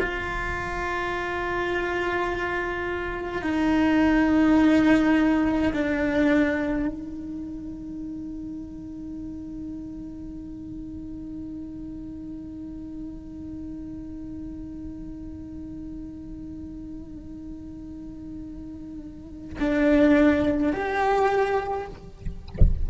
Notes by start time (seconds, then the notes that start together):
0.00 F4
3.42 D#4
5.74 D4
6.88 D#4
19.60 D4
20.73 G4